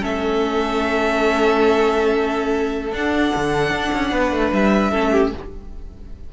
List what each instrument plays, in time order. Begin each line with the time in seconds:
0.00 cello A3, viola C#4, violin A4 E5
2.92 cello D4, viola D4, violin F#5
3.35 cello D3
3.70 cello D4
3.93 cello C#4
4.11 cello B3, violin B4
4.31 cello A3
4.52 cello G3, violin E5
4.90 cello A3, viola C#4, violin A4
5.11 violin G4